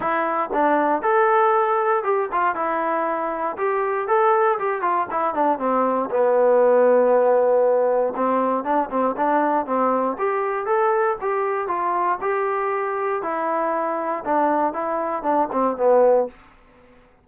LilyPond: \new Staff \with { instrumentName = "trombone" } { \time 4/4 \tempo 4 = 118 e'4 d'4 a'2 | g'8 f'8 e'2 g'4 | a'4 g'8 f'8 e'8 d'8 c'4 | b1 |
c'4 d'8 c'8 d'4 c'4 | g'4 a'4 g'4 f'4 | g'2 e'2 | d'4 e'4 d'8 c'8 b4 | }